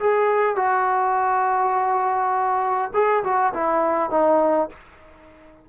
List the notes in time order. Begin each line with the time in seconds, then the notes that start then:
0.00 G#4
0.56 F#4
2.94 G#4
3.24 F#4
3.54 E4
4.11 D#4